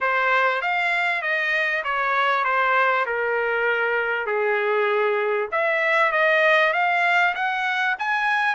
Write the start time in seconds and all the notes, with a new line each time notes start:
0.00 C5
0.61 F5
1.22 D#5
1.83 C#5
2.44 C5
3.06 A#4
4.26 G#4
5.51 E5
6.12 D#5
6.73 F5
7.34 F#5
7.98 G#5